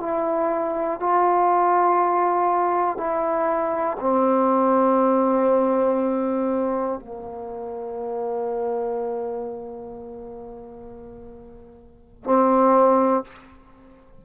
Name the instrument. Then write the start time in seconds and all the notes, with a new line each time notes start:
trombone
0.00 E4
1.00 F4
2.97 E4
4.00 C4
7.00 A#3
12.25 C4